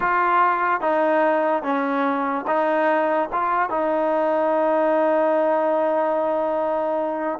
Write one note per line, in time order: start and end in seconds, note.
0.00 0.80 F4
0.80 1.63 D#4
1.63 2.45 C#4
2.47 3.29 D#4
3.32 3.69 F4
3.69 7.39 D#4